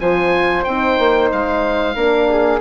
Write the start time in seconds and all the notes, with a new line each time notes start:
0.00 F3 F4 C5 G#5
0.64 C4 D#4 G5
0.98 A#3
1.32 G#3 F5
1.95 A#3 D4 A#4
2.29 G#4